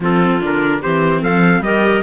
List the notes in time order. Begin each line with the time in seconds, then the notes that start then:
0.00 F3 C4 F4 A4
0.40 D3 D4 A#4
0.81 E3 C4 G4 C5
1.21 F3 A4 F5
1.60 G3 G4 A#4 D#5